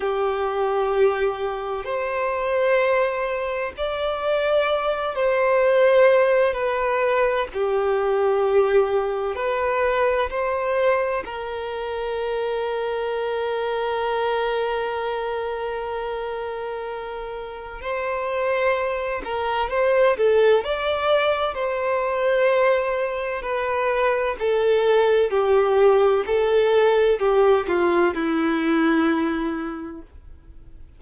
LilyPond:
\new Staff \with { instrumentName = "violin" } { \time 4/4 \tempo 4 = 64 g'2 c''2 | d''4. c''4. b'4 | g'2 b'4 c''4 | ais'1~ |
ais'2. c''4~ | c''8 ais'8 c''8 a'8 d''4 c''4~ | c''4 b'4 a'4 g'4 | a'4 g'8 f'8 e'2 | }